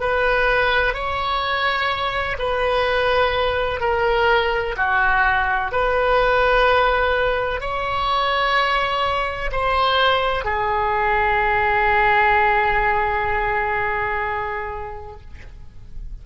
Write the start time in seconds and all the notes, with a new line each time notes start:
0.00 B4
0.94 C#5
2.39 B4
3.80 A#4
4.77 F#4
5.72 B4
7.61 C#5
9.52 C5
10.45 G#4